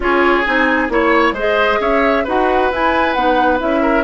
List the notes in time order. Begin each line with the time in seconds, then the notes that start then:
0.00 C#4 F4 G#4 C#5
0.45 C4 D#4 G#5
0.88 A#3 E4 C#5
1.32 G#3 G#4 C5
1.38 D#5
1.80 C#4 C#5 E5
2.24 D#4 F#4 B4 F#5
2.71 E4 G#5
3.13 B3 D#4 F#5
3.58 C#4 E4 E5
3.82 A#4